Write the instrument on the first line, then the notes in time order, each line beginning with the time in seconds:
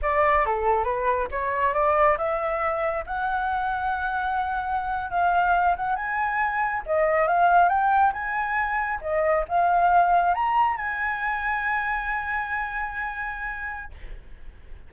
flute
0.02 D5
0.45 A4
0.84 B4
1.31 C#5
1.73 D5
2.17 E5
3.06 F#5
5.10 F5
5.76 F#5
5.95 G#5
6.86 D#5
7.27 F5
7.69 G5
8.12 G#5
9.01 D#5
9.48 F5
10.34 A#5
10.76 G#5